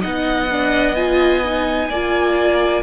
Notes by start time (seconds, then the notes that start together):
0.00 B3 D#4 D#5 F#5
0.51 D4
0.95 F4 G#5
1.44 D#4
1.89 A#3 F4 D5